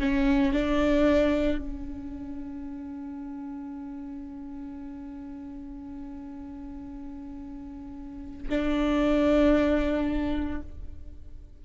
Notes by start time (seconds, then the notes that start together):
0.00 C#4
0.53 D4
1.58 C#4
8.50 D4